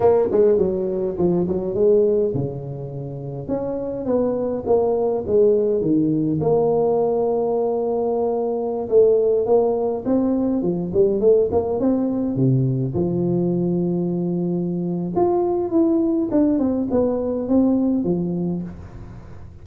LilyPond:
\new Staff \with { instrumentName = "tuba" } { \time 4/4 \tempo 4 = 103 ais8 gis8 fis4 f8 fis8 gis4 | cis2 cis'4 b4 | ais4 gis4 dis4 ais4~ | ais2.~ ais16 a8.~ |
a16 ais4 c'4 f8 g8 a8 ais16~ | ais16 c'4 c4 f4.~ f16~ | f2 f'4 e'4 | d'8 c'8 b4 c'4 f4 | }